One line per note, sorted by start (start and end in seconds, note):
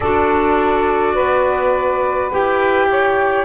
0.00 1.16 D4
0.00 2.31 F#4
0.00 1.13 A4
0.00 2.31 D5
1.13 2.32 B3
1.13 2.87 B4
2.31 3.44 E4
2.31 3.44 G4
2.31 3.44 G5
2.89 3.44 C#5